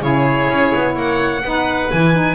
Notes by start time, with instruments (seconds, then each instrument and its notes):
0.00 double bass C#3, saxophone E4, oboe G#4, violin C#5
0.49 double bass C#4
0.75 double bass B3
0.94 double bass A#3, oboe C#5, violin F#5
1.44 double bass B3, saxophone D#4, oboe B4
1.91 double bass E3, saxophone E4, violin G#5
2.14 saxophone D#4